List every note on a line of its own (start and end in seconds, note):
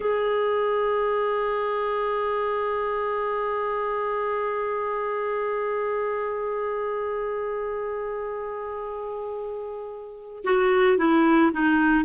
0.00 10.43 G#4
10.44 10.98 F#4
10.98 11.51 E4
11.52 12.04 D#4